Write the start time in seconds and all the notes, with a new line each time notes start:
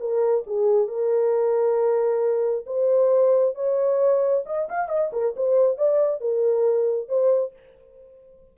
0.00 A#4
0.47 G#4
0.88 A#4
2.66 C5
3.55 C#5
4.46 D#5
4.69 F5
4.89 D#5
5.13 A#4
5.37 C5
5.78 D5
6.21 A#4
7.09 C5